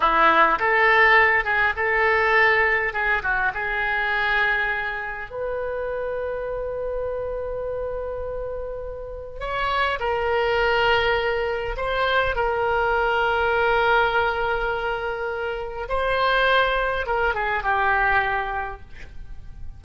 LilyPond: \new Staff \with { instrumentName = "oboe" } { \time 4/4 \tempo 4 = 102 e'4 a'4. gis'8 a'4~ | a'4 gis'8 fis'8 gis'2~ | gis'4 b'2.~ | b'1 |
cis''4 ais'2. | c''4 ais'2.~ | ais'2. c''4~ | c''4 ais'8 gis'8 g'2 | }